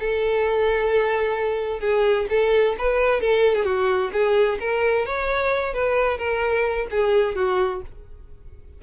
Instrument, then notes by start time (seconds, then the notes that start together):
violin
0.00 A4
1.80 G#4
2.30 A4
2.78 B4
3.21 A4
3.56 G#4
3.65 F#4
4.13 G#4
4.60 A#4
5.06 C#5
5.74 B4
6.18 A#4
6.91 G#4
7.36 F#4